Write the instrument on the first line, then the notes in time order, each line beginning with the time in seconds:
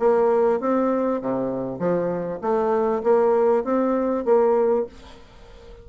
bassoon
0.00 A#3
0.61 C4
1.22 C3
1.79 F3
2.42 A3
3.04 A#3
3.65 C4
4.26 A#3